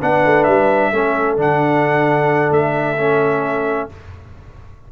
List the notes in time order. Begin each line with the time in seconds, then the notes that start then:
0.00 B3 D4 B4 F#5
0.25 A3
0.44 G3 E5
0.92 A3 C#4 A4
1.37 D3 D4 F#5
2.51 A3 E5
2.97 C#4